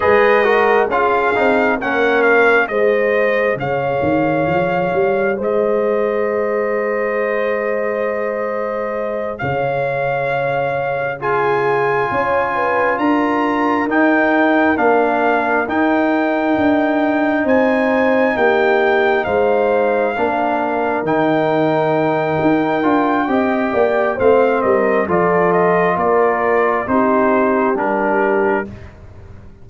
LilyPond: <<
  \new Staff \with { instrumentName = "trumpet" } { \time 4/4 \tempo 4 = 67 dis''4 f''4 fis''8 f''8 dis''4 | f''2 dis''2~ | dis''2~ dis''8 f''4.~ | f''8 gis''2 ais''4 g''8~ |
g''8 f''4 g''2 gis''8~ | gis''8 g''4 f''2 g''8~ | g''2. f''8 dis''8 | d''8 dis''8 d''4 c''4 ais'4 | }
  \new Staff \with { instrumentName = "horn" } { \time 4/4 b'8 ais'8 gis'4 ais'4 c''4 | cis''2 c''2~ | c''2~ c''8 cis''4.~ | cis''8 gis'4 cis''8 b'8 ais'4.~ |
ais'2.~ ais'8 c''8~ | c''8 g'4 c''4 ais'4.~ | ais'2 dis''8 d''8 c''8 ais'8 | a'4 ais'4 g'2 | }
  \new Staff \with { instrumentName = "trombone" } { \time 4/4 gis'8 fis'8 f'8 dis'8 cis'4 gis'4~ | gis'1~ | gis'1~ | gis'8 f'2. dis'8~ |
dis'8 d'4 dis'2~ dis'8~ | dis'2~ dis'8 d'4 dis'8~ | dis'4. f'8 g'4 c'4 | f'2 dis'4 d'4 | }
  \new Staff \with { instrumentName = "tuba" } { \time 4/4 gis4 cis'8 c'8 ais4 gis4 | cis8 dis8 f8 g8 gis2~ | gis2~ gis8 cis4.~ | cis4. cis'4 d'4 dis'8~ |
dis'8 ais4 dis'4 d'4 c'8~ | c'8 ais4 gis4 ais4 dis8~ | dis4 dis'8 d'8 c'8 ais8 a8 g8 | f4 ais4 c'4 g4 | }
>>